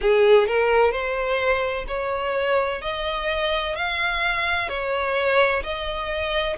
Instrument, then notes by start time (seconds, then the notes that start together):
violin
0.01 G#4
0.47 A#4
0.91 C5
1.87 C#5
2.81 D#5
3.75 F5
4.69 C#5
5.62 D#5